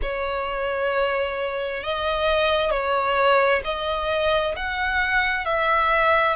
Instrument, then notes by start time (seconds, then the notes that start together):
violin
0.02 C#5
1.83 D#5
2.70 C#5
3.64 D#5
4.56 F#5
5.45 E5